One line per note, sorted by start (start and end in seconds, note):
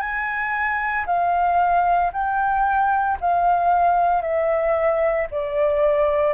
0.00 1.05 G#5
1.06 2.11 F5
2.12 3.18 G5
3.21 4.22 F5
4.22 5.27 E5
5.31 6.34 D5